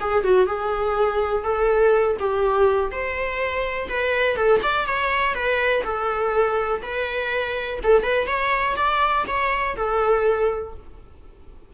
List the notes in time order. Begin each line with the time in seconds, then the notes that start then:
0.00 G#4
0.24 F#4
0.47 G#4
1.44 A4
2.19 G4
2.92 C5
3.89 B4
4.36 A4
4.63 D5
4.86 C#5
5.34 B4
5.84 A4
6.82 B4
7.83 A4
8.03 B4
8.27 C#5
8.76 D5
9.27 C#5
9.76 A4